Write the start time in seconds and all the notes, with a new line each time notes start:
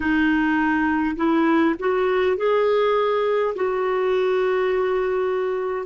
0.00 D#4
1.16 E4
1.79 F#4
2.36 G#4
3.55 F#4